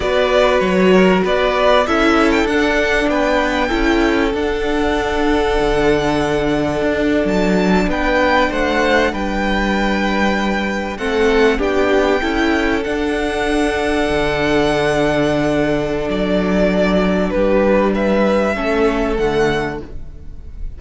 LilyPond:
<<
  \new Staff \with { instrumentName = "violin" } { \time 4/4 \tempo 4 = 97 d''4 cis''4 d''4 e''8. g''16 | fis''4 g''2 fis''4~ | fis''2.~ fis''8. a''16~ | a''8. g''4 fis''4 g''4~ g''16~ |
g''4.~ g''16 fis''4 g''4~ g''16~ | g''8. fis''2.~ fis''16~ | fis''2 d''2 | b'4 e''2 fis''4 | }
  \new Staff \with { instrumentName = "violin" } { \time 4/4 b'4. ais'8 b'4 a'4~ | a'4 b'4 a'2~ | a'1~ | a'8. b'4 c''4 b'4~ b'16~ |
b'4.~ b'16 a'4 g'4 a'16~ | a'1~ | a'1 | g'4 b'4 a'2 | }
  \new Staff \with { instrumentName = "viola" } { \time 4/4 fis'2. e'4 | d'2 e'4 d'4~ | d'1~ | d'1~ |
d'4.~ d'16 c'4 d'4 e'16~ | e'8. d'2.~ d'16~ | d'1~ | d'2 cis'4 a4 | }
  \new Staff \with { instrumentName = "cello" } { \time 4/4 b4 fis4 b4 cis'4 | d'4 b4 cis'4 d'4~ | d'4 d2 d'8. fis16~ | fis8. b4 a4 g4~ g16~ |
g4.~ g16 a4 b4 cis'16~ | cis'8. d'2 d4~ d16~ | d2 fis2 | g2 a4 d4 | }
>>